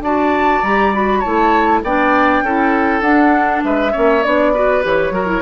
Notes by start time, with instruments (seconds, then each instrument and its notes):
0.00 bassoon D4, clarinet F#4, oboe D5, flute A5
0.62 bassoon G3, clarinet G4, flute A#5
0.93 clarinet F#4, flute B5
1.19 clarinet E4, oboe C#5, flute A5
1.26 bassoon A3
1.83 bassoon B3, clarinet D4, oboe D5, flute G5
2.42 bassoon C#4, clarinet E4, oboe A4
3.01 bassoon D4, clarinet D4, flute F#5
3.64 bassoon G#3, oboe B4, flute E5
3.92 bassoon A#3, clarinet C#4, oboe C#5
4.23 bassoon B3, clarinet D4, flute D5
4.53 clarinet F#4, oboe B4
4.83 bassoon E3, clarinet G4, flute C#5
5.11 bassoon F#3, clarinet F#4, oboe A#4
5.26 clarinet E4